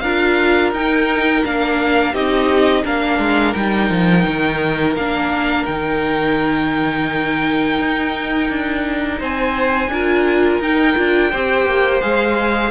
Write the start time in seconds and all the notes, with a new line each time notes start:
0.00 D4 F4 A#4 F5
0.73 D#4 G5
1.44 A#3 D4 F5
2.13 C4 D#4 G4 D#5
2.84 A#3 D4 A#4 F5
3.19 G#3
3.54 G3 D#4 G5
3.90 F3
4.27 D#3
4.97 A#3 D4 F5
5.66 D#3 D#4 G5
7.79 D#4
8.50 D4
9.20 C4 C5 G#5
9.89 D4 F4 A#4
10.60 D#4 G5
10.96 D4 F4
11.31 C4 G4 C5
11.66 A#3
12.02 G#3 G#4 F5